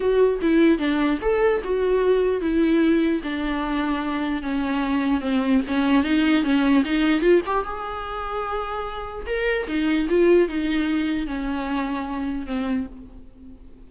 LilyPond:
\new Staff \with { instrumentName = "viola" } { \time 4/4 \tempo 4 = 149 fis'4 e'4 d'4 a'4 | fis'2 e'2 | d'2. cis'4~ | cis'4 c'4 cis'4 dis'4 |
cis'4 dis'4 f'8 g'8 gis'4~ | gis'2. ais'4 | dis'4 f'4 dis'2 | cis'2. c'4 | }